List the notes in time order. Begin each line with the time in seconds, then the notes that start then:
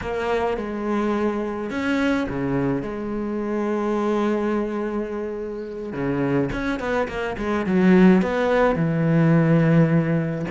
0.01 A#3
0.57 G#3
1.70 C#4
2.29 C#3
2.82 G#3
5.93 C#3
6.52 C#4
6.79 B3
7.08 A#3
7.37 G#3
7.66 F#3
8.22 B3
8.75 E3